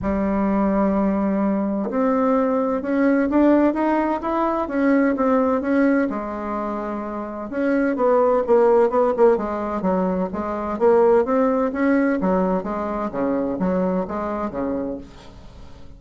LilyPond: \new Staff \with { instrumentName = "bassoon" } { \time 4/4 \tempo 4 = 128 g1 | c'2 cis'4 d'4 | dis'4 e'4 cis'4 c'4 | cis'4 gis2. |
cis'4 b4 ais4 b8 ais8 | gis4 fis4 gis4 ais4 | c'4 cis'4 fis4 gis4 | cis4 fis4 gis4 cis4 | }